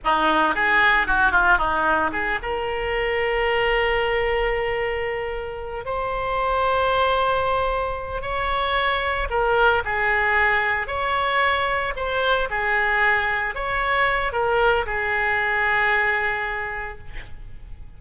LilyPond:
\new Staff \with { instrumentName = "oboe" } { \time 4/4 \tempo 4 = 113 dis'4 gis'4 fis'8 f'8 dis'4 | gis'8 ais'2.~ ais'8~ | ais'2. c''4~ | c''2.~ c''8 cis''8~ |
cis''4. ais'4 gis'4.~ | gis'8 cis''2 c''4 gis'8~ | gis'4. cis''4. ais'4 | gis'1 | }